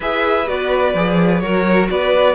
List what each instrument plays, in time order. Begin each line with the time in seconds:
0.00 cello E4, viola G#4, violin B4 E5
0.47 cello B3, viola F#4, violin D5
0.94 cello F3, viola G#4
1.40 cello F#3, viola F#4, violin A#4 C#5
1.90 cello B3, violin B4 D5